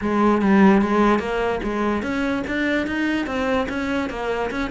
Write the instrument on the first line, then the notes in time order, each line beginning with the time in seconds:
cello
0.01 G#3
0.41 G3
0.81 G#3
1.19 A#3
1.63 G#3
2.02 C#4
2.47 D4
2.87 D#4
3.26 C4
3.68 C#4
4.09 A#3
4.50 C#4